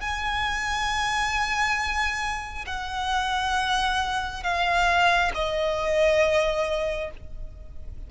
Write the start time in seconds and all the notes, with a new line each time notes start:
0.00 G#5
2.66 F#5
4.43 F5
5.34 D#5